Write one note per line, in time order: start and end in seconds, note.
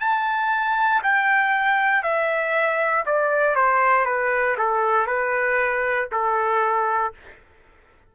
0.00 1.02 A5
1.03 2.03 G5
2.03 3.05 E5
3.06 3.55 D5
3.55 4.05 C5
4.05 4.56 B4
4.58 5.07 A4
5.07 6.08 B4
6.12 7.13 A4